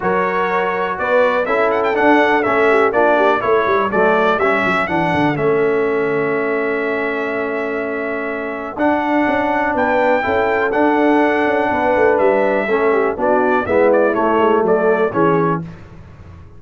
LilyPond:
<<
  \new Staff \with { instrumentName = "trumpet" } { \time 4/4 \tempo 4 = 123 cis''2 d''4 e''8 fis''16 g''16 | fis''4 e''4 d''4 cis''4 | d''4 e''4 fis''4 e''4~ | e''1~ |
e''2 fis''2 | g''2 fis''2~ | fis''4 e''2 d''4 | e''8 d''8 cis''4 d''4 cis''4 | }
  \new Staff \with { instrumentName = "horn" } { \time 4/4 ais'2 b'4 a'4~ | a'4. g'8 f'8 g'8 a'4~ | a'1~ | a'1~ |
a'1 | b'4 a'2. | b'2 a'8 g'8 fis'4 | e'2 a'4 gis'4 | }
  \new Staff \with { instrumentName = "trombone" } { \time 4/4 fis'2. e'4 | d'4 cis'4 d'4 e'4 | a4 cis'4 d'4 cis'4~ | cis'1~ |
cis'2 d'2~ | d'4 e'4 d'2~ | d'2 cis'4 d'4 | b4 a2 cis'4 | }
  \new Staff \with { instrumentName = "tuba" } { \time 4/4 fis2 b4 cis'4 | d'4 a4 ais4 a8 g8 | fis4 g8 fis8 e8 d8 a4~ | a1~ |
a2 d'4 cis'4 | b4 cis'4 d'4. cis'8 | b8 a8 g4 a4 b4 | gis4 a8 gis8 fis4 e4 | }
>>